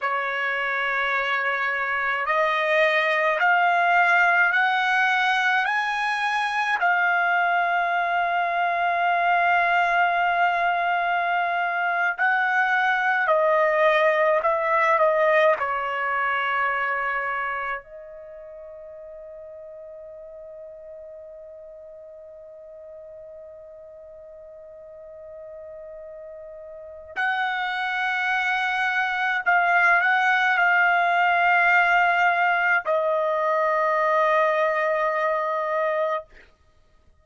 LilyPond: \new Staff \with { instrumentName = "trumpet" } { \time 4/4 \tempo 4 = 53 cis''2 dis''4 f''4 | fis''4 gis''4 f''2~ | f''2~ f''8. fis''4 dis''16~ | dis''8. e''8 dis''8 cis''2 dis''16~ |
dis''1~ | dis''1 | fis''2 f''8 fis''8 f''4~ | f''4 dis''2. | }